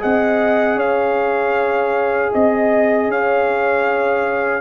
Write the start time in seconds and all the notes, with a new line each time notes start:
0.00 C4 G#4 D#5 F#5
0.75 C#4 C#5 F5
2.32 C4 D#5
3.08 C#4 C#5 F5